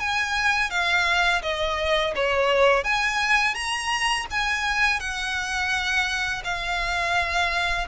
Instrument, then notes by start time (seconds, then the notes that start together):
violin
0.00 G#5
0.71 F5
1.43 D#5
2.16 C#5
2.84 G#5
3.55 A#5
4.31 G#5
5.00 F#5
6.45 F5